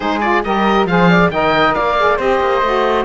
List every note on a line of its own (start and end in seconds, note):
0.00 0.44 G#3
0.00 0.21 D#4
0.00 0.44 G#4
0.00 0.19 C5
0.20 0.43 F4
0.20 0.42 D5
0.44 0.84 G3
0.44 0.88 G4
0.44 0.88 A#4
0.44 0.86 D#5
0.84 1.28 F3
0.84 1.32 G#4
0.84 1.10 C5
0.84 1.30 F5
1.10 1.32 D5
1.30 1.74 D#3
1.30 1.98 A#4
1.30 1.75 D#5
1.30 1.74 G5
1.74 2.18 A#3
1.74 2.17 D5
1.74 2.18 F5
1.98 2.18 G#4
2.17 2.40 C4
2.17 2.62 G4
2.17 3.04 C5
2.17 3.05 D#5
2.40 2.61 A#3
2.61 3.05 A3
2.61 3.05 F#4